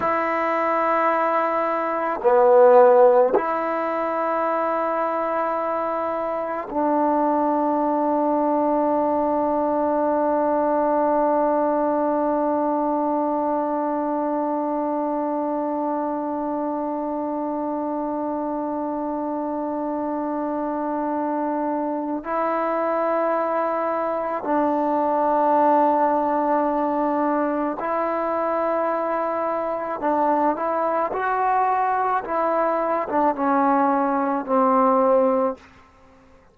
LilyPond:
\new Staff \with { instrumentName = "trombone" } { \time 4/4 \tempo 4 = 54 e'2 b4 e'4~ | e'2 d'2~ | d'1~ | d'1~ |
d'1 | e'2 d'2~ | d'4 e'2 d'8 e'8 | fis'4 e'8. d'16 cis'4 c'4 | }